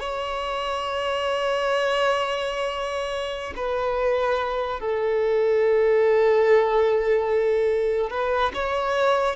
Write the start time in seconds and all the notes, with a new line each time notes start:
0.00 C#5
3.56 B4
4.80 A4
8.11 B4
8.54 C#5